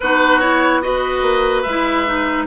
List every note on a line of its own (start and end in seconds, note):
0.00 1.22 B3
0.00 0.42 D#4
0.00 0.84 F#4
0.00 0.40 B4
0.40 0.82 E4
0.40 0.81 C#5
0.82 1.64 F#4
0.82 2.46 B4
0.82 1.62 D#5
1.22 1.63 A#3
1.62 2.46 G#3
1.62 2.44 E5
1.69 2.06 E4
2.06 2.46 D#4